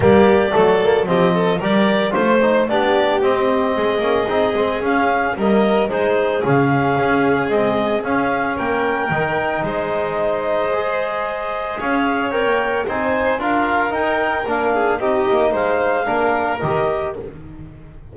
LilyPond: <<
  \new Staff \with { instrumentName = "clarinet" } { \time 4/4 \tempo 4 = 112 d''2 dis''4 d''4 | c''4 d''4 dis''2~ | dis''4 f''4 dis''4 c''4 | f''2 dis''4 f''4 |
g''2 dis''2~ | dis''2 f''4 g''4 | gis''4 f''4 g''4 f''4 | dis''4 f''2 dis''4 | }
  \new Staff \with { instrumentName = "violin" } { \time 4/4 g'4 a'4 g'8 a'8 ais'4 | c''4 g'2 gis'4~ | gis'2 ais'4 gis'4~ | gis'1 |
ais'2 c''2~ | c''2 cis''2 | c''4 ais'2~ ais'8 gis'8 | g'4 c''4 ais'2 | }
  \new Staff \with { instrumentName = "trombone" } { \time 4/4 ais4 a8 ais8 c'4 g'4 | f'8 dis'8 d'4 c'4. cis'8 | dis'8 c'8 cis'4 ais4 dis'4 | cis'2 gis4 cis'4~ |
cis'4 dis'2. | gis'2. ais'4 | dis'4 f'4 dis'4 d'4 | dis'2 d'4 g'4 | }
  \new Staff \with { instrumentName = "double bass" } { \time 4/4 g4 fis4 f4 g4 | a4 b4 c'4 gis8 ais8 | c'8 gis8 cis'4 g4 gis4 | cis4 cis'4 c'4 cis'4 |
ais4 dis4 gis2~ | gis2 cis'4 c'16 ais8. | c'4 d'4 dis'4 ais4 | c'8 ais8 gis4 ais4 dis4 | }
>>